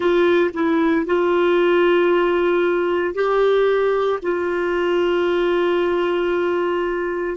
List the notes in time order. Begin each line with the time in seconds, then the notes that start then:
0.00 F4
0.53 E4
1.05 F4
3.14 G4
4.22 F4